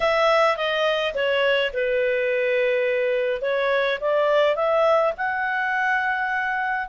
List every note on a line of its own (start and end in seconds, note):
0.00 0.57 E5
0.57 1.14 D#5
1.14 1.71 C#5
1.73 3.41 B4
3.41 3.98 C#5
4.00 4.55 D5
4.55 5.12 E5
5.17 6.88 F#5